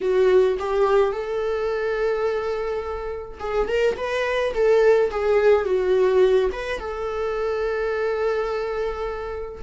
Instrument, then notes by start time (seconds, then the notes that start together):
viola
0.01 F#4
0.59 G4
1.12 A4
3.39 G#4
3.67 A#4
3.96 B4
4.54 A4
5.10 G#4
5.65 F#4
6.52 B4
6.79 A4